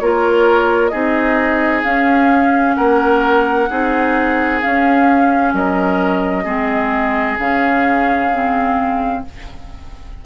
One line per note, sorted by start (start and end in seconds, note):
0.00 0.93 A#3
0.00 0.92 F4
0.00 0.92 A#4
0.00 0.89 C#5
0.89 1.85 C4
0.89 1.84 D#4
0.89 2.76 G#4
0.89 1.81 D#5
1.84 3.69 C#4
1.84 2.77 C#4
1.84 2.76 F5
2.76 3.70 A#3
2.76 3.69 A#4
2.76 4.60 F#5
3.70 4.63 C4
3.70 4.62 D#4
3.70 5.55 G#4
4.61 6.46 C#4
4.61 5.54 C#4
4.61 5.54 F5
5.54 6.45 F#3
5.54 6.44 A#4
5.54 7.39 D#5
6.44 7.38 G#3
6.44 7.38 C4
6.44 9.21 G#4
7.39 9.24 C#3
7.39 8.32 C#4
7.39 9.25 F5
8.33 9.26 C4